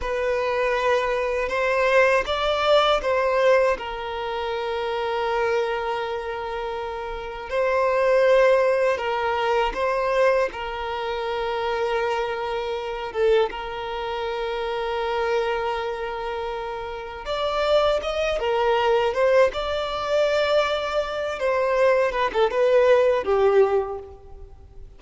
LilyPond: \new Staff \with { instrumentName = "violin" } { \time 4/4 \tempo 4 = 80 b'2 c''4 d''4 | c''4 ais'2.~ | ais'2 c''2 | ais'4 c''4 ais'2~ |
ais'4. a'8 ais'2~ | ais'2. d''4 | dis''8 ais'4 c''8 d''2~ | d''8 c''4 b'16 a'16 b'4 g'4 | }